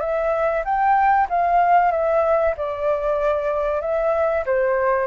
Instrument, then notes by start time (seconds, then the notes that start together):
flute
0.00 E5
0.64 G5
1.29 F5
1.91 E5
2.57 D5
3.81 E5
4.46 C5